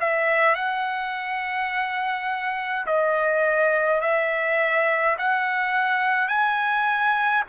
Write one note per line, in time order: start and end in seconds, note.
0.00 0.55 E5
0.55 2.85 F#5
2.86 4.01 D#5
4.01 5.16 E5
5.18 6.28 F#5
6.28 7.43 G#5